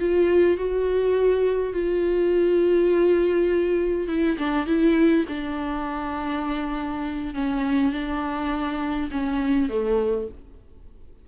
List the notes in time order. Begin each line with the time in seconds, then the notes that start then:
0.00 F4
0.58 F#4
1.74 F4
4.08 E4
4.39 D4
4.67 E4
5.29 D4
7.35 C#4
7.93 D4
9.11 C#4
9.70 A3